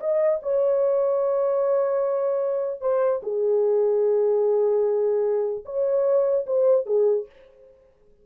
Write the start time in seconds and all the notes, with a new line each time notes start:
0.00 D#5
0.42 C#5
2.81 C5
3.23 G#4
5.65 C#5
6.46 C5
6.86 G#4